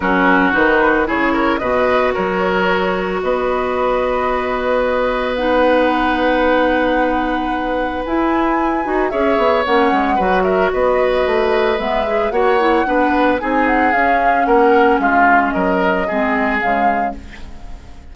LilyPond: <<
  \new Staff \with { instrumentName = "flute" } { \time 4/4 \tempo 4 = 112 ais'4 b'4 cis''4 dis''4 | cis''2 dis''2~ | dis''2 fis''2~ | fis''2. gis''4~ |
gis''4 e''4 fis''4. e''8 | dis''2 e''4 fis''4~ | fis''4 gis''8 fis''8 f''4 fis''4 | f''4 dis''2 f''4 | }
  \new Staff \with { instrumentName = "oboe" } { \time 4/4 fis'2 gis'8 ais'8 b'4 | ais'2 b'2~ | b'1~ | b'1~ |
b'4 cis''2 b'8 ais'8 | b'2. cis''4 | b'4 gis'2 ais'4 | f'4 ais'4 gis'2 | }
  \new Staff \with { instrumentName = "clarinet" } { \time 4/4 cis'4 dis'4 e'4 fis'4~ | fis'1~ | fis'2 dis'2~ | dis'2. e'4~ |
e'8 fis'8 gis'4 cis'4 fis'4~ | fis'2 b8 gis'8 fis'8 e'8 | d'4 dis'4 cis'2~ | cis'2 c'4 gis4 | }
  \new Staff \with { instrumentName = "bassoon" } { \time 4/4 fis4 dis4 cis4 b,4 | fis2 b2~ | b1~ | b2. e'4~ |
e'8 dis'8 cis'8 b8 ais8 gis8 fis4 | b4 a4 gis4 ais4 | b4 c'4 cis'4 ais4 | gis4 fis4 gis4 cis4 | }
>>